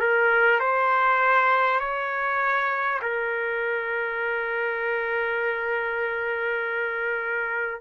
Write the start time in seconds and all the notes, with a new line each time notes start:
0.00 A#4
0.60 C5
1.80 C#5
3.02 A#4